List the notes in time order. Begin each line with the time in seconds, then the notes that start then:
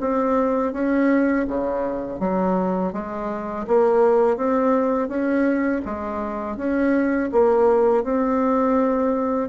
0.00 C4
0.73 C#4
1.47 C#3
2.19 F#3
2.92 G#3
3.67 A#3
4.36 C4
5.08 C#4
5.85 G#3
6.57 C#4
7.32 A#3
8.03 C4